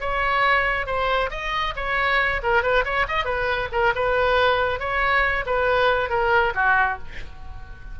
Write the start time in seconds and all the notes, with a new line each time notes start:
0.00 C#5
0.86 C5
1.30 D#5
1.76 C#5
2.43 A#4
2.63 B4
2.84 C#5
3.08 D#5
3.25 B4
3.72 A#4
3.95 B4
4.79 C#5
5.46 B4
6.09 A#4
6.55 F#4